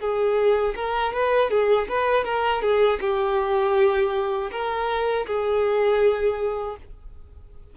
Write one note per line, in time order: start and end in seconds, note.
0.00 0.75 G#4
0.76 1.14 A#4
1.14 1.51 B4
1.51 1.88 G#4
1.89 2.25 B4
2.25 2.62 A#4
2.62 3.00 G#4
3.01 4.51 G4
4.52 5.27 A#4
5.27 6.77 G#4